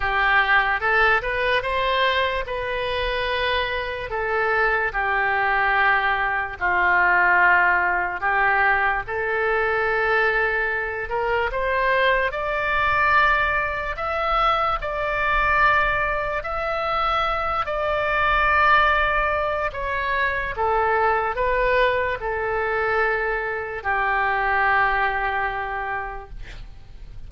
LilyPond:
\new Staff \with { instrumentName = "oboe" } { \time 4/4 \tempo 4 = 73 g'4 a'8 b'8 c''4 b'4~ | b'4 a'4 g'2 | f'2 g'4 a'4~ | a'4. ais'8 c''4 d''4~ |
d''4 e''4 d''2 | e''4. d''2~ d''8 | cis''4 a'4 b'4 a'4~ | a'4 g'2. | }